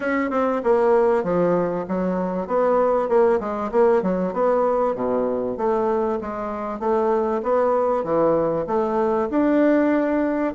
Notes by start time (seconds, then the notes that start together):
0.00 C#4
0.30 C4
0.63 A#3
1.23 F3
1.88 F#3
2.47 B3
3.08 A#3
3.39 G#3
3.71 A#3
4.02 F#3
4.33 B3
4.95 B2
5.57 A3
6.20 G#3
6.79 A3
7.43 B3
8.04 E3
8.66 A3
9.30 D4